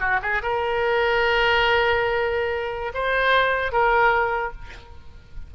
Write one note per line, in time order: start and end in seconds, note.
0.00 0.20 F#4
0.22 0.42 G#4
0.43 2.93 A#4
2.94 3.72 C5
3.72 4.52 A#4